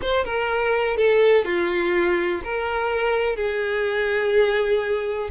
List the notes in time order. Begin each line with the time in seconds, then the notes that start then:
0.01 C5
0.24 A#4
0.96 A4
1.45 F4
2.43 A#4
3.36 G#4